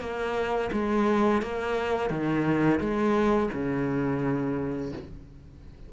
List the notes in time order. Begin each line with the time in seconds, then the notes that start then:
0.00 A#3
0.72 G#3
1.41 A#3
2.10 D#3
2.79 G#3
3.53 C#3